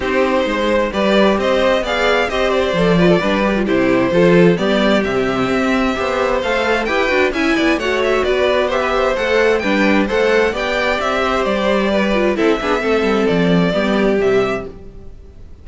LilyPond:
<<
  \new Staff \with { instrumentName = "violin" } { \time 4/4 \tempo 4 = 131 c''2 d''4 dis''4 | f''4 dis''8 d''2~ d''8 | c''2 d''4 e''4~ | e''2 f''4 g''4 |
gis''4 fis''8 e''8 d''4 e''4 | fis''4 g''4 fis''4 g''4 | e''4 d''2 e''4~ | e''4 d''2 e''4 | }
  \new Staff \with { instrumentName = "violin" } { \time 4/4 g'4 c''4 b'4 c''4 | d''4 c''4. b'16 a'16 b'4 | g'4 a'4 g'2~ | g'4 c''2 b'4 |
e''8 d''8 cis''4 b'4 c''16 b'16 c''8~ | c''4 b'4 c''4 d''4~ | d''8 c''4. b'4 a'8 gis'8 | a'2 g'2 | }
  \new Staff \with { instrumentName = "viola" } { \time 4/4 dis'2 g'2 | gis'4 g'4 a'8 f'8 d'8 g'16 f'16 | e'4 f'4 b4 c'4~ | c'4 g'4 a'4 g'8 fis'8 |
e'4 fis'2 g'4 | a'4 d'4 a'4 g'4~ | g'2~ g'8 f'8 e'8 d'8 | c'2 b4 g4 | }
  \new Staff \with { instrumentName = "cello" } { \time 4/4 c'4 gis4 g4 c'4 | b4 c'4 f4 g4 | c4 f4 g4 c4 | c'4 b4 a4 e'8 d'8 |
cis'8 b8 a4 b2 | a4 g4 a4 b4 | c'4 g2 c'8 b8 | a8 g8 f4 g4 c4 | }
>>